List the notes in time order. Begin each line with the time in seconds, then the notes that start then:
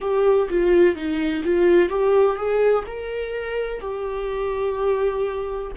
0.00 G4
0.49 F4
0.95 D#4
1.44 F4
1.89 G4
2.36 G#4
2.86 A#4
3.80 G4